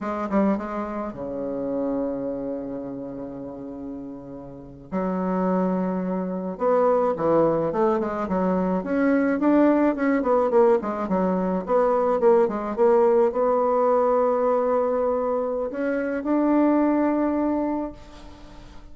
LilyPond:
\new Staff \with { instrumentName = "bassoon" } { \time 4/4 \tempo 4 = 107 gis8 g8 gis4 cis2~ | cis1~ | cis8. fis2. b16~ | b8. e4 a8 gis8 fis4 cis'16~ |
cis'8. d'4 cis'8 b8 ais8 gis8 fis16~ | fis8. b4 ais8 gis8 ais4 b16~ | b1 | cis'4 d'2. | }